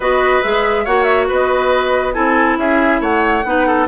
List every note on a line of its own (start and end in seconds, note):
0.00 0.39 B3
0.00 0.43 F#4
0.00 0.84 B4
0.00 0.42 D#5
0.42 0.86 G#3
0.42 0.86 G#4
0.42 0.85 E5
0.84 1.29 A#3
0.84 2.13 F#4
0.84 1.27 C#5
0.84 1.03 F#5
1.03 1.25 E5
1.28 2.16 B3
1.28 2.14 B4
1.28 2.13 D#5
2.13 2.57 C4
2.13 3.43 E4
2.13 2.57 A4
2.13 2.57 G#5
2.57 3.00 C#4
2.57 3.01 G#4
2.57 3.01 E5
3.00 3.43 A3
3.00 3.44 C#5
3.00 3.87 F#5
3.44 3.87 B3
3.44 3.87 D#4
3.44 3.66 B4
3.66 3.87 A4